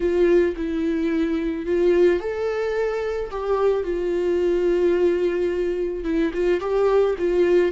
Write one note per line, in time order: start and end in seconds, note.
0.00 0.55 F4
0.56 1.66 E4
1.66 2.20 F4
2.20 3.30 A4
3.30 3.83 G4
3.83 6.04 F4
6.04 6.31 E4
6.33 6.60 F4
6.60 7.15 G4
7.18 7.71 F4